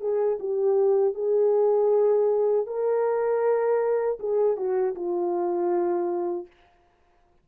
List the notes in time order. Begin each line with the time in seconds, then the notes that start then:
0.00 G#4
0.39 G4
1.14 G#4
2.67 A#4
4.19 G#4
4.57 F#4
4.95 F4